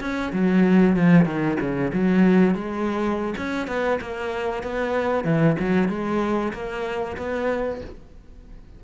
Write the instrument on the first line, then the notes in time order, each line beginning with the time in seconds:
cello
0.00 C#4
0.32 F#3
0.96 F3
1.25 D#3
1.60 C#3
1.93 F#3
2.54 G#3
3.37 C#4
3.67 B3
4.01 A#3
4.63 B3
5.24 E3
5.59 F#3
5.89 G#3
6.53 A#3
7.17 B3